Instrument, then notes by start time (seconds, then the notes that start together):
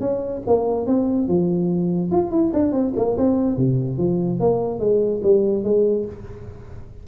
tuba
0.00 C#4
0.46 A#3
0.86 C4
1.28 F3
2.11 F4
2.31 E4
2.53 D4
2.72 C4
2.96 A#3
3.17 C4
3.56 C3
3.98 F3
4.40 A#3
4.79 G#3
5.23 G3
5.63 G#3